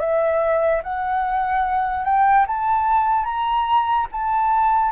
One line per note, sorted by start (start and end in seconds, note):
0.00 0.82 E5
0.83 2.05 F#5
2.05 2.46 G5
2.47 3.25 A5
3.25 4.08 A#5
4.12 4.92 A5